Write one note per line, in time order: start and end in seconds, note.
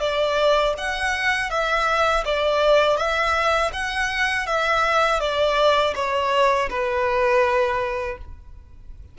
0.00 0.74 D5
0.77 1.50 F#5
1.50 2.24 E5
2.25 2.97 D5
2.97 3.71 E5
3.73 4.46 F#5
4.46 5.20 E5
5.20 5.94 D5
5.95 6.69 C#5
6.70 8.18 B4